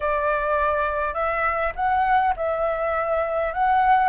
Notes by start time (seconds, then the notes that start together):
0.00 D5
1.14 E5
1.75 F#5
2.36 E5
3.53 F#5